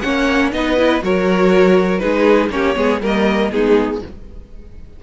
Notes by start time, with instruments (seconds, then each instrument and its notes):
0.00 cello A#3, viola C#4, violin C#5 F#5
0.52 cello B3, viola D#4, violin B4 D#5
0.77 viola E4
1.01 cello F#3, viola F#4, violin A#4 C#5
1.98 cello G#3, viola D#4, violin G#4 B4
2.49 cello A#3, viola C#4, violin G4 C#5
2.75 cello G#3, viola B3, violin G#4
3.01 cello G3, viola A#3, violin A#4 D#5
3.51 cello G#3, viola B3, violin D#4 G#4